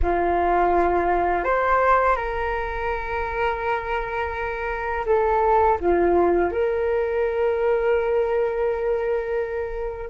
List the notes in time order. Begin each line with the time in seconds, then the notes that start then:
0.02 F4
1.44 C5
2.16 A#4
5.06 A4
5.80 F4
6.51 A#4